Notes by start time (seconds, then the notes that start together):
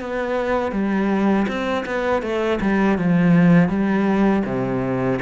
0.00 B3
0.72 G3
1.47 C4
1.86 B3
2.22 A3
2.61 G3
2.98 F3
3.69 G3
4.45 C3